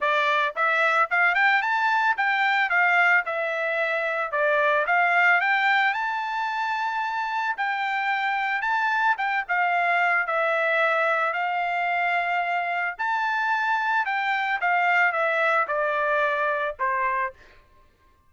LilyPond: \new Staff \with { instrumentName = "trumpet" } { \time 4/4 \tempo 4 = 111 d''4 e''4 f''8 g''8 a''4 | g''4 f''4 e''2 | d''4 f''4 g''4 a''4~ | a''2 g''2 |
a''4 g''8 f''4. e''4~ | e''4 f''2. | a''2 g''4 f''4 | e''4 d''2 c''4 | }